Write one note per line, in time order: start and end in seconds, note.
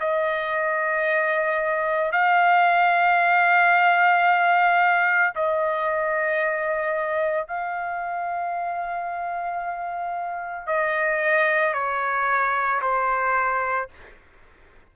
0.00 2.12 D#5
2.12 5.34 F5
5.35 7.48 D#5
7.48 10.67 F5
10.67 11.74 D#5
11.74 12.81 C#5
12.81 13.88 C5